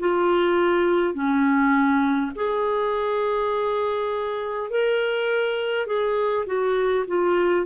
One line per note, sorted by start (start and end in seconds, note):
0.00 1.14 F4
1.14 2.32 C#4
2.36 4.71 G#4
4.71 5.87 A#4
5.87 6.46 G#4
6.47 7.05 F#4
7.08 7.66 F4